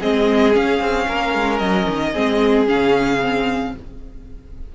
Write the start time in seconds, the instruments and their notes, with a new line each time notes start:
0.00 cello G#3, viola C4, violin G#4 D#5
0.53 viola C#4, cello C#4, violin F5
0.80 cello C4
1.09 cello A#3, violin A#4
1.34 cello G#3
1.59 cello F#3, violin D#5
1.89 cello D#3
2.13 cello G#3, viola C4, violin G#4
2.67 cello C#3, viola C#4, violin F5
3.21 viola C4